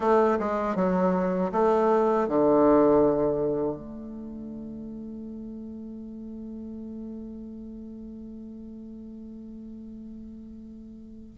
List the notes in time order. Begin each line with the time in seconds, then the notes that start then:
0.00 A3
0.39 G#3
0.75 F#3
1.52 A3
2.28 D3
3.76 A3